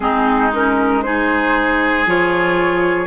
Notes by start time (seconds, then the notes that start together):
0.00 G#3 C4 D#4 G#4
0.53 C#4 A#4
1.02 D#4 G#4 C5
2.06 F3 F4 C#5